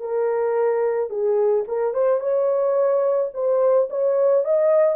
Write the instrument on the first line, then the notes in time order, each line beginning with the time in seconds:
horn
0.00 A#4
1.10 G#4
1.68 A#4
1.94 C5
2.21 C#5
3.34 C5
3.90 C#5
4.45 D#5